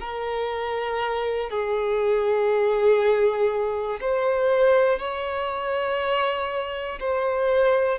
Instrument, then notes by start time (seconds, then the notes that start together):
violin
0.00 A#4
1.50 G#4
4.00 C5
5.00 C#5
7.00 C5